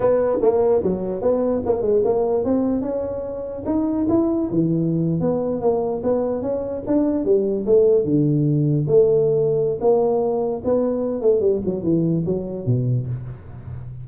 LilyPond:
\new Staff \with { instrumentName = "tuba" } { \time 4/4 \tempo 4 = 147 b4 ais4 fis4 b4 | ais8 gis8 ais4 c'4 cis'4~ | cis'4 dis'4 e'4 e4~ | e8. b4 ais4 b4 cis'16~ |
cis'8. d'4 g4 a4 d16~ | d4.~ d16 a2~ a16 | ais2 b4. a8 | g8 fis8 e4 fis4 b,4 | }